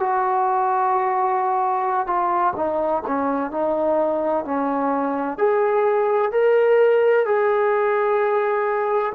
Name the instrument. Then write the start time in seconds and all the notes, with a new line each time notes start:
trombone
0.00 F#4
2.07 F4
2.56 D#4
3.07 C#4
3.51 D#4
4.45 C#4
5.38 G#4
6.32 A#4
7.26 G#4